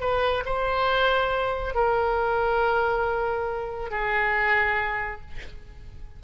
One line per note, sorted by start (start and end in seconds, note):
0.00 0.43 B4
0.45 1.74 C5
1.74 3.90 A#4
3.90 5.21 G#4